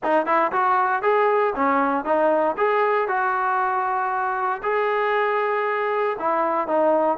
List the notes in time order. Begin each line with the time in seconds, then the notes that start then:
0.03 D#4
0.26 E4
0.52 F#4
1.02 G#4
1.55 C#4
2.04 D#4
2.57 G#4
3.07 F#4
4.62 G#4
6.19 E4
6.67 D#4